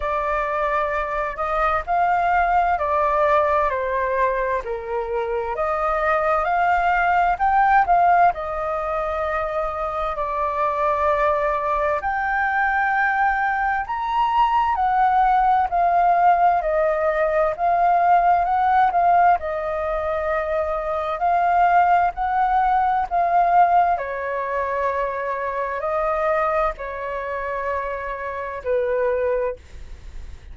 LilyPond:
\new Staff \with { instrumentName = "flute" } { \time 4/4 \tempo 4 = 65 d''4. dis''8 f''4 d''4 | c''4 ais'4 dis''4 f''4 | g''8 f''8 dis''2 d''4~ | d''4 g''2 ais''4 |
fis''4 f''4 dis''4 f''4 | fis''8 f''8 dis''2 f''4 | fis''4 f''4 cis''2 | dis''4 cis''2 b'4 | }